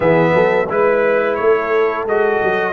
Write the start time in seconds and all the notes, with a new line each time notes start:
0.00 E3 B3 G#4 E5
0.34 F#3 A4
0.69 G#3 E4 B4
1.35 A3 C#5
1.43 A4
2.06 G#3 F#4 D#5
2.42 F#3